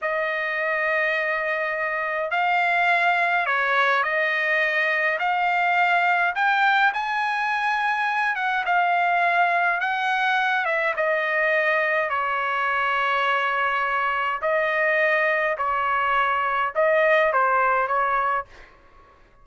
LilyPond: \new Staff \with { instrumentName = "trumpet" } { \time 4/4 \tempo 4 = 104 dis''1 | f''2 cis''4 dis''4~ | dis''4 f''2 g''4 | gis''2~ gis''8 fis''8 f''4~ |
f''4 fis''4. e''8 dis''4~ | dis''4 cis''2.~ | cis''4 dis''2 cis''4~ | cis''4 dis''4 c''4 cis''4 | }